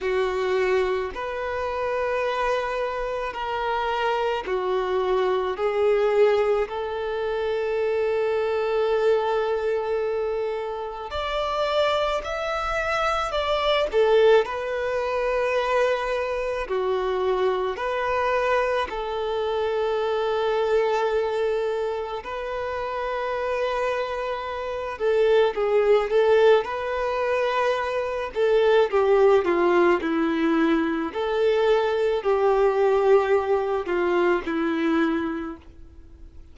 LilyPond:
\new Staff \with { instrumentName = "violin" } { \time 4/4 \tempo 4 = 54 fis'4 b'2 ais'4 | fis'4 gis'4 a'2~ | a'2 d''4 e''4 | d''8 a'8 b'2 fis'4 |
b'4 a'2. | b'2~ b'8 a'8 gis'8 a'8 | b'4. a'8 g'8 f'8 e'4 | a'4 g'4. f'8 e'4 | }